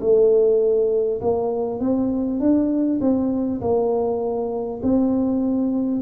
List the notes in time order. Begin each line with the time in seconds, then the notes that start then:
0.00 A3
1.21 A#3
1.79 C4
2.39 D4
3.01 C4
3.61 A#3
4.82 C4